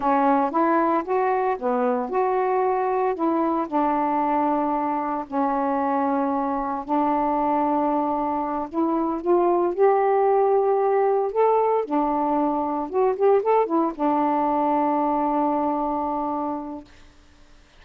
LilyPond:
\new Staff \with { instrumentName = "saxophone" } { \time 4/4 \tempo 4 = 114 cis'4 e'4 fis'4 b4 | fis'2 e'4 d'4~ | d'2 cis'2~ | cis'4 d'2.~ |
d'8 e'4 f'4 g'4.~ | g'4. a'4 d'4.~ | d'8 fis'8 g'8 a'8 e'8 d'4.~ | d'1 | }